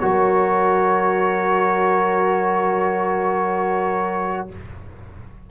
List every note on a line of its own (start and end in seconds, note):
0.00 4.50 F#3
0.00 4.49 F#4
0.00 4.51 A#4
0.00 4.48 C#5